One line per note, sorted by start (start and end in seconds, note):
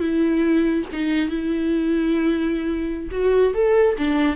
0.00 0.85 E4
0.93 1.29 D#4
1.29 3.09 E4
3.11 3.53 F#4
3.54 3.96 A4
3.98 4.36 D4